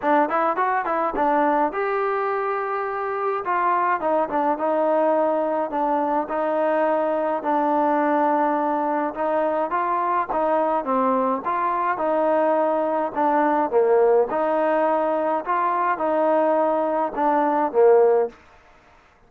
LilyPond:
\new Staff \with { instrumentName = "trombone" } { \time 4/4 \tempo 4 = 105 d'8 e'8 fis'8 e'8 d'4 g'4~ | g'2 f'4 dis'8 d'8 | dis'2 d'4 dis'4~ | dis'4 d'2. |
dis'4 f'4 dis'4 c'4 | f'4 dis'2 d'4 | ais4 dis'2 f'4 | dis'2 d'4 ais4 | }